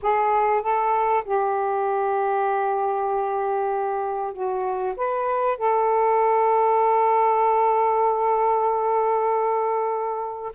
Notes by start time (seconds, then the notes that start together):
0.02 G#4
0.62 A4
1.24 G4
4.33 F#4
4.96 B4
5.57 A4